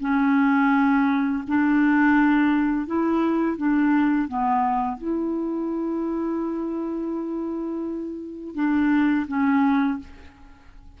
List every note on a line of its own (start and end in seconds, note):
0.00 1.43 C#4
1.47 2.86 D4
2.86 3.57 E4
3.57 4.28 D4
4.28 4.97 B3
4.97 8.55 E4
8.55 9.26 D4
9.27 9.99 C#4